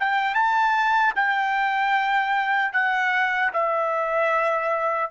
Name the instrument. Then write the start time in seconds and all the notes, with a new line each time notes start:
trumpet
0.00 G5
0.35 A5
1.16 G5
2.73 F#5
3.53 E5